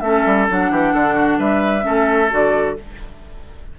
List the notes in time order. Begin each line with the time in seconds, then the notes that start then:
0.00 A3 C#4 A4 E5
0.26 G3
0.49 F#3 D4 F#5
0.71 E3 G4
0.93 D3 A4
1.14 F#4
1.39 G3 B4 E5
1.81 A3 C#4 A4
2.30 D3 F#4 D5